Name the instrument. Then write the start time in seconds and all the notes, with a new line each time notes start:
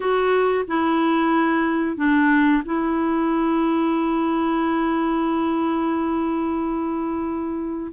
clarinet
0.00 F#4
0.67 E4
1.96 D4
2.65 E4